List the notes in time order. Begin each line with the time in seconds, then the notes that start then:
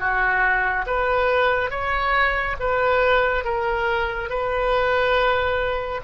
0.00 F#4
0.87 B4
1.71 C#5
2.60 B4
3.45 A#4
4.30 B4